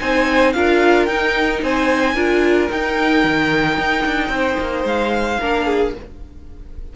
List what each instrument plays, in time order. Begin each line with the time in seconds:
0.00 cello C4, viola D#4, violin C5 G#5
0.53 cello D4, viola F4, violin A#4 F5
1.06 cello D#4, viola D#4, violin G5
1.62 cello C4, violin C5 G#5
2.15 cello D4, viola F4, violin A#4
2.69 viola D#4, cello D#4, violin G5
3.24 cello D#3
3.78 cello D#4
4.06 cello D4
4.29 cello C4, violin C5
4.60 cello A#3
4.85 cello G#3, violin F5
5.40 cello A#3, viola D4, violin A#4
5.66 violin G#4